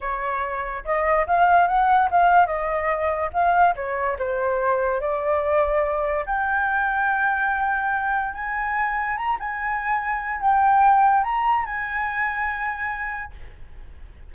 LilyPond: \new Staff \with { instrumentName = "flute" } { \time 4/4 \tempo 4 = 144 cis''2 dis''4 f''4 | fis''4 f''4 dis''2 | f''4 cis''4 c''2 | d''2. g''4~ |
g''1 | gis''2 ais''8 gis''4.~ | gis''4 g''2 ais''4 | gis''1 | }